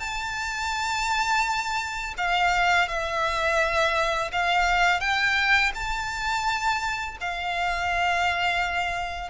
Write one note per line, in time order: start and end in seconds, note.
0.00 2.14 A5
2.18 2.88 F5
2.88 4.31 E5
4.32 5.00 F5
5.00 5.72 G5
5.75 7.18 A5
7.21 9.31 F5